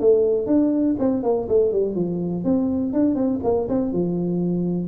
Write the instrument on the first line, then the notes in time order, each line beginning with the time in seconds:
tuba
0.00 A3
0.46 D4
0.99 C4
1.23 A#3
1.48 A3
1.72 G3
1.95 F3
2.44 C4
2.93 D4
3.15 C4
3.43 A#3
3.68 C4
3.92 F3